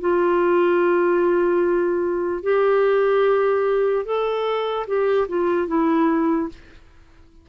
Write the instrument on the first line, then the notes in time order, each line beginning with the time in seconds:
clarinet
0.00 F4
2.43 G4
4.05 A4
4.87 G4
5.28 F4
5.68 E4